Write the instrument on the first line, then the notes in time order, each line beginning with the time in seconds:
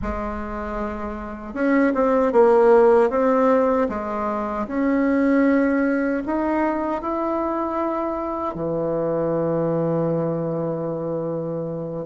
bassoon
0.02 G#3
1.53 C#4
1.94 C4
2.32 A#3
3.10 C4
3.88 G#3
4.67 C#4
6.26 D#4
7.01 E4
8.55 E3